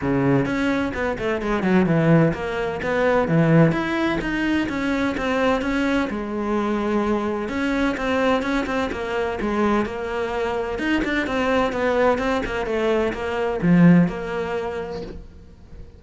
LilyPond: \new Staff \with { instrumentName = "cello" } { \time 4/4 \tempo 4 = 128 cis4 cis'4 b8 a8 gis8 fis8 | e4 ais4 b4 e4 | e'4 dis'4 cis'4 c'4 | cis'4 gis2. |
cis'4 c'4 cis'8 c'8 ais4 | gis4 ais2 dis'8 d'8 | c'4 b4 c'8 ais8 a4 | ais4 f4 ais2 | }